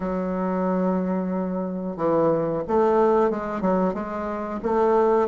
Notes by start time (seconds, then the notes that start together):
0.00 F#3
1.96 E3
2.67 A3
3.30 G#3
3.61 F#3
3.94 G#3
4.62 A3